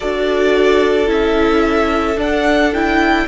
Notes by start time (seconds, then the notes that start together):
0.00 D4 F#4 A4 D5
1.07 C#4 E4 E5
2.17 D4 F#5
2.74 E4 G5